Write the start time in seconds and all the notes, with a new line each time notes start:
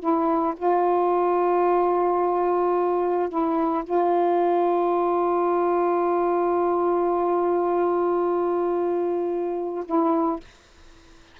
0.00 E4
0.57 F4
3.29 E4
3.84 F4
9.86 E4